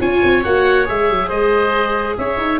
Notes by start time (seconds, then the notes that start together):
0.00 C#4 F4 C#5 G#5
0.23 C4
0.44 A#3 F#4 F#5
0.86 G#3 G#4 E5
1.09 F#3
1.28 G#3 C5 D#5
2.18 C#4 C#5 E5
2.37 D#4